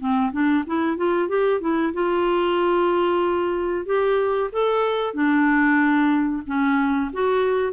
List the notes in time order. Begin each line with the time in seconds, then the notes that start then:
0.00 C4
0.32 D4
0.67 E4
0.97 F4
1.29 G4
1.61 E4
1.94 F4
3.86 G4
4.52 A4
5.14 D4
6.47 C#4
7.13 F#4